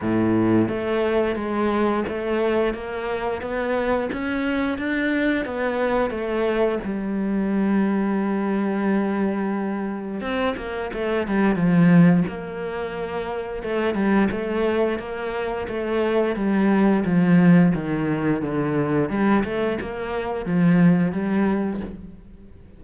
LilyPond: \new Staff \with { instrumentName = "cello" } { \time 4/4 \tempo 4 = 88 a,4 a4 gis4 a4 | ais4 b4 cis'4 d'4 | b4 a4 g2~ | g2. c'8 ais8 |
a8 g8 f4 ais2 | a8 g8 a4 ais4 a4 | g4 f4 dis4 d4 | g8 a8 ais4 f4 g4 | }